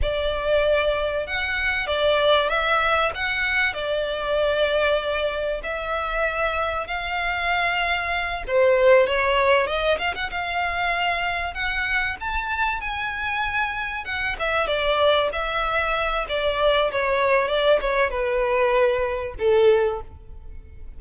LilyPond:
\new Staff \with { instrumentName = "violin" } { \time 4/4 \tempo 4 = 96 d''2 fis''4 d''4 | e''4 fis''4 d''2~ | d''4 e''2 f''4~ | f''4. c''4 cis''4 dis''8 |
f''16 fis''16 f''2 fis''4 a''8~ | a''8 gis''2 fis''8 e''8 d''8~ | d''8 e''4. d''4 cis''4 | d''8 cis''8 b'2 a'4 | }